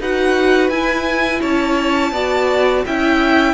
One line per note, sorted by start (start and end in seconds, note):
0.00 0.69 D#4
0.00 0.72 F#4
0.00 1.41 B4
0.00 0.70 F#5
0.69 1.41 E4
0.69 2.14 E4
0.69 1.41 G#5
1.41 2.12 C#4
1.41 2.12 C#5
1.41 2.85 A5
2.12 2.83 B3
2.12 2.86 F#4
2.12 2.84 D5
2.86 3.54 C#4
2.86 3.54 E4
2.86 3.54 E5
2.86 3.54 G5